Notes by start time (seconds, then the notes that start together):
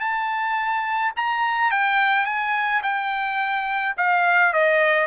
0.00 A5
1.16 A#5
1.72 G5
2.26 G#5
2.83 G5
3.97 F5
4.53 D#5